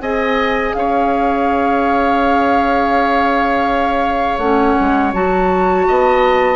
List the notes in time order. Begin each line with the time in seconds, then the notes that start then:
0.00 C4 G#4 D#5 G#5
0.74 C#4 C#5 F5
4.38 A3 C#4 F#5
4.80 G#3
5.13 F#3 F#4 A5
5.87 B3 D#5